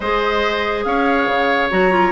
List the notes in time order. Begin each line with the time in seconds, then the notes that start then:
0.00 G#3 G#4 C5 D#5
0.84 C#4 C#5 F5
1.26 C#3
1.70 F#3 F#4 A#5
1.91 F4